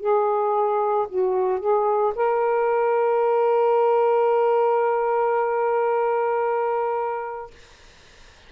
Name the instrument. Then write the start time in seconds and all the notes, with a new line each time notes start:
saxophone
0.00 G#4
1.09 F#4
1.60 G#4
2.16 A#4